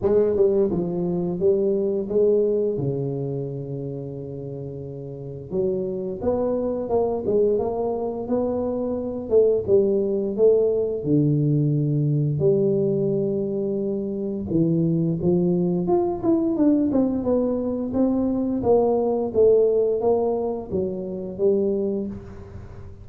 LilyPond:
\new Staff \with { instrumentName = "tuba" } { \time 4/4 \tempo 4 = 87 gis8 g8 f4 g4 gis4 | cis1 | fis4 b4 ais8 gis8 ais4 | b4. a8 g4 a4 |
d2 g2~ | g4 e4 f4 f'8 e'8 | d'8 c'8 b4 c'4 ais4 | a4 ais4 fis4 g4 | }